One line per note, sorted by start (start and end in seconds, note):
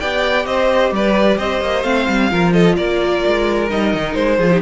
0.00 0.46 B3
0.00 1.84 G4
0.00 0.46 D5
0.00 0.46 G5
0.46 0.92 C4
0.46 0.94 C5
0.46 0.92 D#5
0.92 1.38 G3
0.92 1.38 B4
0.92 1.38 D5
1.38 1.61 C4
1.38 2.30 C5
1.38 1.83 D#5
1.61 1.84 A#3
1.83 2.07 A3
1.83 2.30 C4
1.83 2.53 F5
2.09 2.32 G3
2.30 2.78 F3
2.30 3.69 F4
2.30 2.54 A#4
2.53 2.77 A4
2.53 2.76 D#5
2.77 3.24 A#3
2.77 4.38 A#4
2.77 3.69 D5
3.27 3.71 G#3
3.70 3.94 G3
3.70 4.39 D#4
3.70 4.15 D#5
3.94 4.16 D#3
4.15 4.39 G#3
4.15 4.61 C5
4.38 4.62 F3
4.38 4.52 F4
4.38 4.50 G#4
4.51 4.62 D#4
4.51 4.62 G4